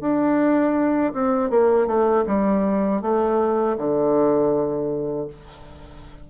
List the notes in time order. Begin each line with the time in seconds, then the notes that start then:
0.00 D4
1.13 C4
1.50 A#3
1.86 A3
2.26 G3
3.01 A3
3.77 D3